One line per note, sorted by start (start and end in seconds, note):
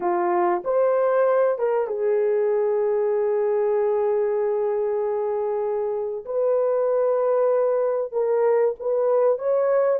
0.00 0.62 F4
0.64 1.58 C5
1.58 1.87 A#4
1.87 6.24 G#4
6.25 8.12 B4
8.12 8.74 A#4
8.79 9.38 B4
9.38 10.00 C#5